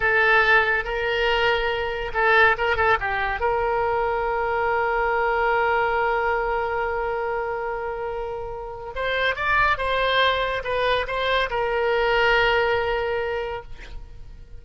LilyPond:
\new Staff \with { instrumentName = "oboe" } { \time 4/4 \tempo 4 = 141 a'2 ais'2~ | ais'4 a'4 ais'8 a'8 g'4 | ais'1~ | ais'1~ |
ais'1~ | ais'4 c''4 d''4 c''4~ | c''4 b'4 c''4 ais'4~ | ais'1 | }